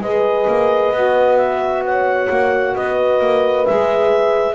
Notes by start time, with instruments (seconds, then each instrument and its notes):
0.00 double bass G#3, saxophone G#4, horn B4, clarinet D#5
0.47 double bass A#3
0.91 double bass B3, saxophone F#4
1.37 clarinet E5
1.84 horn C#5, clarinet F#5
2.30 double bass A#3
2.74 double bass B3, horn B4, clarinet D#5
3.20 double bass A#3
3.66 double bass G#3, saxophone G#4, clarinet E5